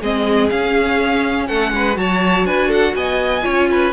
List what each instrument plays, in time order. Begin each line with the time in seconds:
0.00 cello G#3, viola C4, violin G#4 D#5
0.50 viola C#4, cello C#4, violin F5
1.47 cello A3, violin A4 F#5
1.72 cello G#3, violin B4
1.94 cello F#3, viola F#4, violin C#5 A5
2.45 cello D4, violin B4 G#5
2.68 violin A4 F#5
2.95 cello B3, violin D#5 G#5
3.43 cello C#4, viola F4, violin C#5
3.71 violin B4